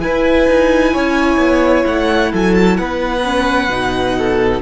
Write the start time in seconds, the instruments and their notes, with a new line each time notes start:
0.00 viola E4, cello E4, violin B4 G#5
0.48 cello D#4
0.93 cello C#4, violin C#5
1.38 cello B3
1.86 cello A3, violin F#5
2.32 cello F#3, violin A4 G#5
2.55 violin A5
2.77 cello B3, violin B4 F#5
3.24 viola C#4
3.69 cello B2, viola D#4
4.18 violin A4